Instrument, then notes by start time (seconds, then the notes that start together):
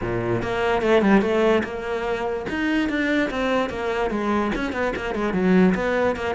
cello
0.01 A#2
0.42 A#3
0.81 A3
1.02 G3
1.21 A3
1.63 A#3
2.49 D#4
2.89 D4
3.30 C4
3.69 A#3
4.10 G#3
4.55 C#4
4.72 B3
4.96 A#3
5.14 G#3
5.33 F#3
5.74 B3
6.16 A#3